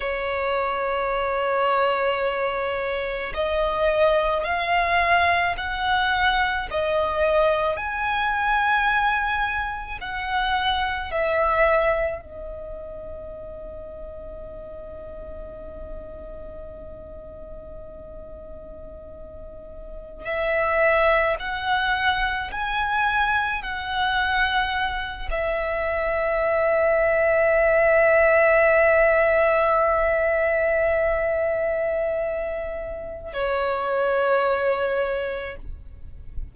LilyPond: \new Staff \with { instrumentName = "violin" } { \time 4/4 \tempo 4 = 54 cis''2. dis''4 | f''4 fis''4 dis''4 gis''4~ | gis''4 fis''4 e''4 dis''4~ | dis''1~ |
dis''2~ dis''16 e''4 fis''8.~ | fis''16 gis''4 fis''4. e''4~ e''16~ | e''1~ | e''2 cis''2 | }